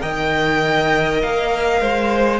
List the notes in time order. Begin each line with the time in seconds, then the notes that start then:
0.00 D#3 A#4 D#5 G5
1.22 A#3 F5
1.80 G#3 C5